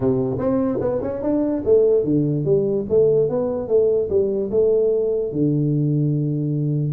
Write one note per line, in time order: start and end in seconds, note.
0.00 0.38 C3
0.38 0.79 C4
0.81 1.01 B3
1.02 1.22 C#4
1.22 1.63 D4
1.64 2.03 A3
2.03 2.44 D3
2.44 2.85 G3
2.89 3.29 A3
3.29 3.68 B3
3.68 4.09 A3
4.09 4.50 G3
4.50 5.32 A3
5.32 6.92 D3